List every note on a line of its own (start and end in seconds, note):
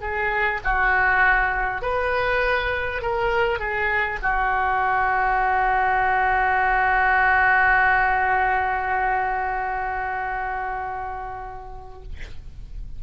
0.00 0.60 G#4
0.64 1.81 F#4
1.81 3.01 B4
3.02 3.58 A#4
3.58 4.18 G#4
4.22 12.02 F#4